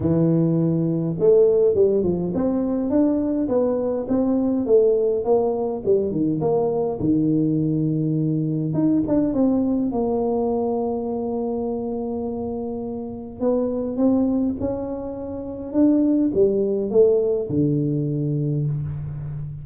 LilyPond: \new Staff \with { instrumentName = "tuba" } { \time 4/4 \tempo 4 = 103 e2 a4 g8 f8 | c'4 d'4 b4 c'4 | a4 ais4 g8 dis8 ais4 | dis2. dis'8 d'8 |
c'4 ais2.~ | ais2. b4 | c'4 cis'2 d'4 | g4 a4 d2 | }